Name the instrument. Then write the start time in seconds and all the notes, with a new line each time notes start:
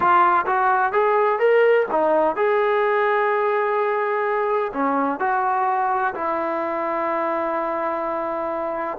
trombone
0.00 F4
0.46 F#4
0.92 G#4
1.39 A#4
1.91 D#4
2.35 G#4
4.73 C#4
5.19 F#4
6.14 E4